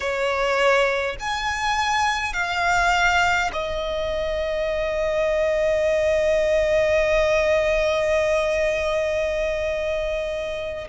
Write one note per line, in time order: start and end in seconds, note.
0.00 1.16 C#5
1.19 2.33 G#5
2.33 3.50 F5
3.52 10.88 D#5